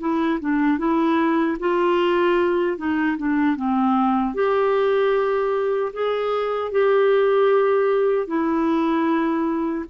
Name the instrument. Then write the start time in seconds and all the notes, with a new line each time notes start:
clarinet
0.00 E4
0.41 D4
0.79 E4
1.60 F4
2.78 D#4
3.18 D4
3.56 C4
4.35 G4
5.93 G#4
6.72 G4
8.27 E4